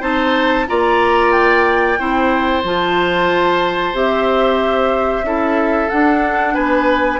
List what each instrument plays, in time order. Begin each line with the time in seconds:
0.00 bassoon C4, clarinet D#4, oboe C5, flute A5
0.67 bassoon A#3, clarinet F4, oboe D5, flute A#5
1.31 flute G5
1.98 bassoon C4, clarinet E4, oboe C5
2.64 bassoon F3, clarinet F4, flute A5
3.93 bassoon C4, clarinet G4, flute E5
5.23 bassoon C#4, clarinet E4, oboe A4
5.89 clarinet D4, bassoon D4, flute F#5
6.54 bassoon B3, oboe B4, flute G#5